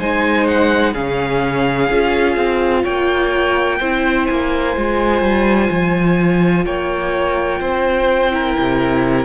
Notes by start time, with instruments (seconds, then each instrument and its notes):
0.00 cello G#3, viola D#4, violin C5 G#5
0.48 violin F#5
0.93 cello C#3, viola C#4, violin G#4 F5
1.90 cello C#4, viola F4
2.37 cello C4
2.84 cello A#3, violin C#5 G5
3.80 cello C4, viola E4, violin C5
4.27 cello A#3, violin G#5
4.77 cello G#3, viola F4
5.22 cello G3
5.71 cello F3
6.66 cello A#3, violin C#5 G5
7.61 cello C4, violin C5
8.32 viola E4, violin A#4
8.59 cello C3